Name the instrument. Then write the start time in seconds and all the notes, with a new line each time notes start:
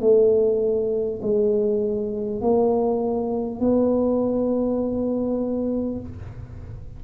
tuba
0.00 A3
1.22 G#3
2.41 A#3
3.59 B3